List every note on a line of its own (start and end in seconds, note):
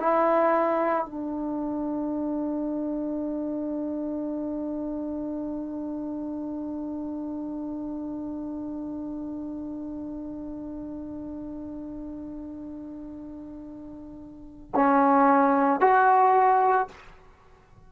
0.00 1.06 E4
1.06 14.72 D4
14.75 15.81 C#4
15.81 16.88 F#4